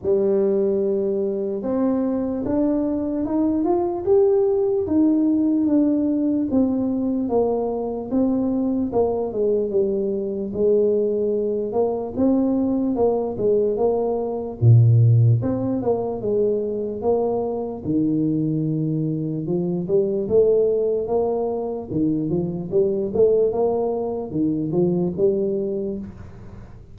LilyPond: \new Staff \with { instrumentName = "tuba" } { \time 4/4 \tempo 4 = 74 g2 c'4 d'4 | dis'8 f'8 g'4 dis'4 d'4 | c'4 ais4 c'4 ais8 gis8 | g4 gis4. ais8 c'4 |
ais8 gis8 ais4 ais,4 c'8 ais8 | gis4 ais4 dis2 | f8 g8 a4 ais4 dis8 f8 | g8 a8 ais4 dis8 f8 g4 | }